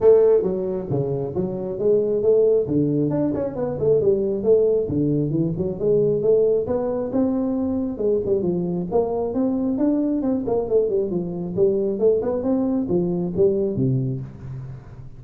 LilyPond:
\new Staff \with { instrumentName = "tuba" } { \time 4/4 \tempo 4 = 135 a4 fis4 cis4 fis4 | gis4 a4 d4 d'8 cis'8 | b8 a8 g4 a4 d4 | e8 fis8 gis4 a4 b4 |
c'2 gis8 g8 f4 | ais4 c'4 d'4 c'8 ais8 | a8 g8 f4 g4 a8 b8 | c'4 f4 g4 c4 | }